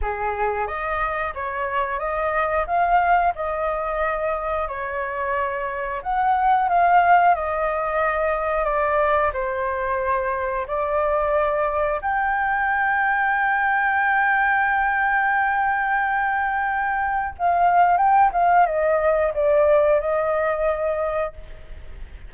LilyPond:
\new Staff \with { instrumentName = "flute" } { \time 4/4 \tempo 4 = 90 gis'4 dis''4 cis''4 dis''4 | f''4 dis''2 cis''4~ | cis''4 fis''4 f''4 dis''4~ | dis''4 d''4 c''2 |
d''2 g''2~ | g''1~ | g''2 f''4 g''8 f''8 | dis''4 d''4 dis''2 | }